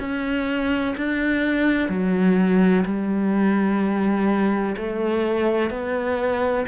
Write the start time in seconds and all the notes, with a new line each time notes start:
0.00 C#4
0.97 D4
1.89 F#3
2.86 G3
4.77 A3
5.71 B3